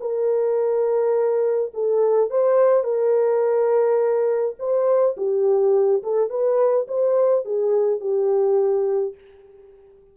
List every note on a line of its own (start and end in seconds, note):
0.00 1.71 A#4
1.74 2.30 A4
2.30 2.84 C5
2.84 4.55 A#4
4.58 5.16 C5
5.16 6.02 G4
6.03 6.29 A4
6.29 6.86 B4
6.88 7.44 C5
7.44 8.00 G#4
8.00 9.14 G4